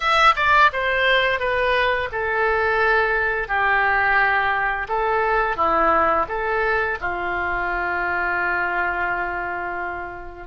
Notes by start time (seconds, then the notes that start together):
0.00 E5
0.36 D5
0.72 C5
1.39 B4
2.12 A4
3.48 G4
4.88 A4
5.56 E4
6.28 A4
7.00 F4